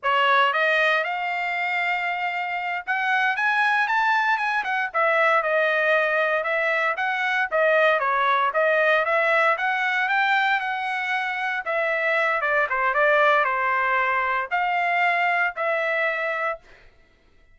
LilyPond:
\new Staff \with { instrumentName = "trumpet" } { \time 4/4 \tempo 4 = 116 cis''4 dis''4 f''2~ | f''4. fis''4 gis''4 a''8~ | a''8 gis''8 fis''8 e''4 dis''4.~ | dis''8 e''4 fis''4 dis''4 cis''8~ |
cis''8 dis''4 e''4 fis''4 g''8~ | g''8 fis''2 e''4. | d''8 c''8 d''4 c''2 | f''2 e''2 | }